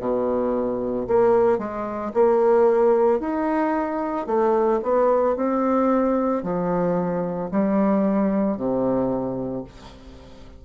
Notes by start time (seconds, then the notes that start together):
0.00 B2
1.08 A#3
1.58 G#3
2.14 A#3
3.20 D#4
4.27 A3
4.83 B3
5.36 C4
6.43 F3
7.51 G3
8.57 C3